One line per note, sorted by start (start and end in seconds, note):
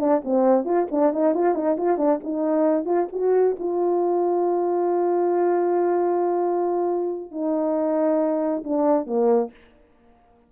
0.00 0.22 D4
0.24 0.65 C4
0.65 0.87 F4
0.91 1.13 D4
1.13 1.34 D#4
1.34 1.55 F4
1.55 1.77 D#4
1.77 1.98 F4
1.98 2.20 D4
2.24 2.85 D#4
2.85 3.07 F4
3.12 3.56 F#4
3.59 7.31 F4
7.31 8.64 D#4
8.64 9.07 D4
9.07 9.51 A#3